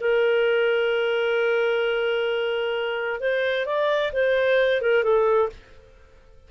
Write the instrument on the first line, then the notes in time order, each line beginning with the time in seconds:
clarinet
0.00 A#4
3.20 C5
3.66 D5
4.12 C5
4.81 A#4
5.03 A4